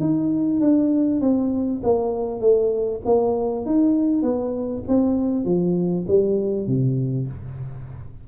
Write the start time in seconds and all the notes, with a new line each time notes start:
0.00 D#4
0.61 D4
1.21 C4
1.83 A#3
2.40 A3
3.05 A#3
3.66 D#4
4.23 B3
4.88 C4
5.45 F3
6.08 G3
6.67 C3